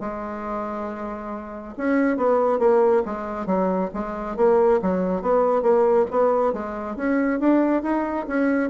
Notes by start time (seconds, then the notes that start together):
0.00 G#3
1.77 C#4
2.17 B3
2.59 A#3
3.05 G#3
3.46 F#3
3.94 G#3
4.36 A#3
4.81 F#3
5.22 B3
5.62 A#3
6.10 B3
6.53 G#3
6.96 C#4
7.40 D4
7.82 D#4
8.27 C#4